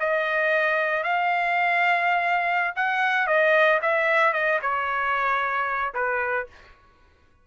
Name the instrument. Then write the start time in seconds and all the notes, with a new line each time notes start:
trumpet
0.00 D#5
1.03 F5
2.76 F#5
3.27 D#5
3.82 E5
4.33 D#5
4.62 C#5
5.94 B4